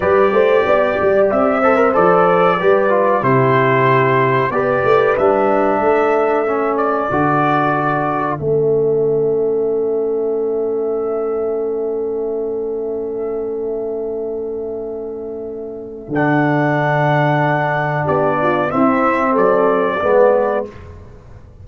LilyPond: <<
  \new Staff \with { instrumentName = "trumpet" } { \time 4/4 \tempo 4 = 93 d''2 e''4 d''4~ | d''4 c''2 d''4 | e''2~ e''8 d''4.~ | d''4 e''2.~ |
e''1~ | e''1~ | e''4 fis''2. | d''4 e''4 d''2 | }
  \new Staff \with { instrumentName = "horn" } { \time 4/4 b'8 c''8 d''4. c''4. | b'4 g'2 b'4~ | b'4 a'2.~ | a'1~ |
a'1~ | a'1~ | a'1 | g'8 f'8 e'4 a'4 b'4 | }
  \new Staff \with { instrumentName = "trombone" } { \time 4/4 g'2~ g'8 a'16 ais'16 a'4 | g'8 f'8 e'2 g'4 | d'2 cis'4 fis'4~ | fis'4 cis'2.~ |
cis'1~ | cis'1~ | cis'4 d'2.~ | d'4 c'2 b4 | }
  \new Staff \with { instrumentName = "tuba" } { \time 4/4 g8 a8 b8 g8 c'4 f4 | g4 c2 b8 a8 | g4 a2 d4~ | d4 a2.~ |
a1~ | a1~ | a4 d2. | b4 c'4 fis4 gis4 | }
>>